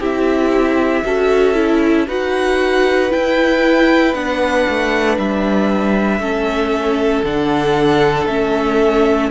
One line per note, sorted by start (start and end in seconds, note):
0.00 1.03 C4
0.00 1.04 E4
0.00 1.04 G4
0.00 2.09 E5
1.05 2.08 C#4
1.05 1.55 F#4
1.05 2.08 A4
1.55 2.06 E4
2.08 3.12 D#4
2.08 3.10 F#4
2.08 6.21 B4
2.08 3.12 F#5
3.10 4.14 E4
3.10 4.14 G5
4.14 4.66 B3
4.14 6.21 D4
4.14 5.18 F#5
4.69 5.18 A3
5.18 6.20 G3
5.18 7.25 E5
6.20 7.23 A3
6.20 7.24 C#4
6.20 9.31 A4
7.23 8.27 D3
7.23 8.29 D4
7.23 8.27 F#5
8.27 9.30 A3
8.27 9.31 C#4
8.27 9.30 E5